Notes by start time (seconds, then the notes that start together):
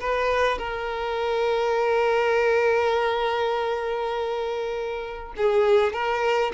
0.00 B4
0.58 A#4
5.37 G#4
5.92 A#4